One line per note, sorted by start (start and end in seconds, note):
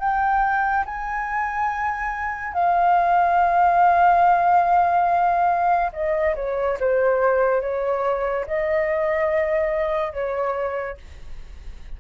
0.00 0.85 G5
0.86 2.54 G#5
2.54 5.92 F5
5.93 6.35 D#5
6.35 6.78 C#5
6.80 7.61 C5
7.61 8.46 C#5
8.47 10.13 D#5
10.13 10.97 C#5